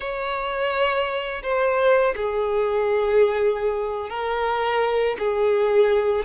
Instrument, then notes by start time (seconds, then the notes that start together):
violin
0.00 C#5
1.43 C5
2.16 G#4
4.09 A#4
5.19 G#4